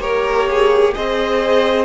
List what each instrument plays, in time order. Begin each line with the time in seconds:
0.00 cello A#3, viola G4, violin A#4 C#5
0.51 violin G#4
0.94 cello C4, viola G#4, violin C5 D#5